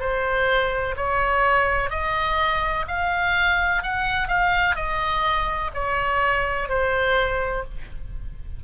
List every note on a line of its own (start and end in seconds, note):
0.00 0.95 C5
0.97 1.90 C#5
1.90 2.85 D#5
2.87 3.83 F5
3.83 4.28 F#5
4.28 4.75 F5
4.75 5.71 D#5
5.74 6.69 C#5
6.69 7.64 C5